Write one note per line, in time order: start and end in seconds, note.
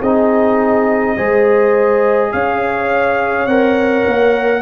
0.00 1.16 C4
0.00 1.17 D#4
0.00 1.15 G#4
0.00 2.32 D#5
1.16 2.32 G#3
1.16 3.48 G#4
1.16 2.31 C5
2.32 3.45 C#4
2.32 4.62 C#5
2.32 3.46 F5
3.45 4.03 C4
3.45 4.62 A#4
3.45 4.62 F#5
4.06 4.62 A#3